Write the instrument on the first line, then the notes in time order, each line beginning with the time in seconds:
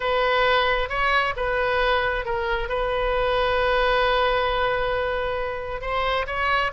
oboe
0.00 B4
0.89 C#5
1.36 B4
2.25 A#4
2.69 B4
5.81 C5
6.26 C#5